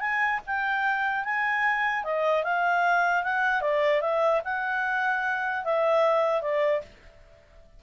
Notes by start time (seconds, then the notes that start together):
0.00 G#5
0.46 G5
1.24 G#5
2.04 D#5
2.43 F5
3.23 F#5
3.61 D5
4.01 E5
4.44 F#5
5.64 E5
6.41 D5